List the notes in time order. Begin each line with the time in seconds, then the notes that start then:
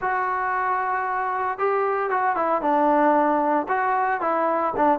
0.01 F#4
1.58 G4
2.10 F#4
2.36 E4
2.61 D4
3.68 F#4
4.20 E4
4.76 D4